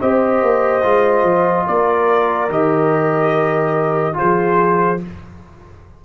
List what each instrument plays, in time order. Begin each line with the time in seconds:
0.00 tuba C4, trombone G4, horn C5, trumpet D#5
0.41 tuba A#3
0.82 tuba G#3, trombone F4
1.23 tuba F3
1.66 tuba A#3, horn A#4, trumpet D5
2.48 tuba D#3, trombone G4, trumpet D#5
4.13 trombone F4, horn G#4, trumpet C5
4.21 tuba F3